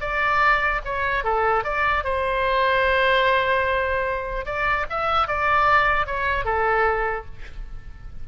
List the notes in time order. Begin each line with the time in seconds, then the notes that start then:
0.00 D5
0.84 C#5
1.24 A4
1.64 D5
2.04 C5
4.45 D5
4.89 E5
5.27 D5
6.06 C#5
6.44 A4